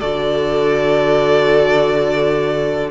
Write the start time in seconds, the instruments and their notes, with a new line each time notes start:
0.00 cello D3, viola F#4, violin A4 D5